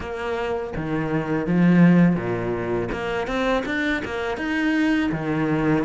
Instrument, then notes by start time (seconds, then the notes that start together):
cello
0.00 A#3
0.75 D#3
1.46 F3
2.15 A#2
2.91 A#3
3.27 C4
3.65 D4
4.04 A#3
4.37 D#4
5.11 D#3